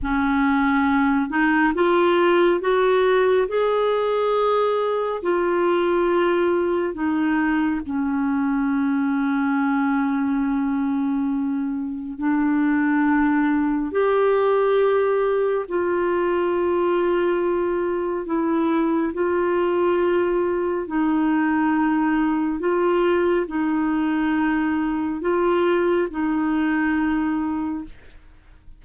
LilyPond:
\new Staff \with { instrumentName = "clarinet" } { \time 4/4 \tempo 4 = 69 cis'4. dis'8 f'4 fis'4 | gis'2 f'2 | dis'4 cis'2.~ | cis'2 d'2 |
g'2 f'2~ | f'4 e'4 f'2 | dis'2 f'4 dis'4~ | dis'4 f'4 dis'2 | }